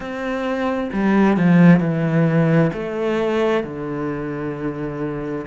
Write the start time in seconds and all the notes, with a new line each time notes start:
0.00 C4
0.93 G3
1.36 F3
1.80 E3
2.73 A3
3.63 D3